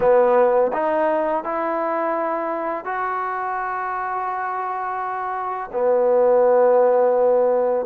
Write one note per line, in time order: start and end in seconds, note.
0.00 0.71 B3
0.72 1.44 D#4
1.44 2.84 E4
2.84 5.70 F#4
5.72 7.86 B3